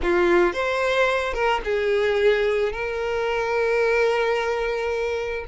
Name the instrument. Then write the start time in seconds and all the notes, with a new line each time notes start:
violin
0.02 F4
0.53 C5
1.33 A#4
1.64 G#4
2.72 A#4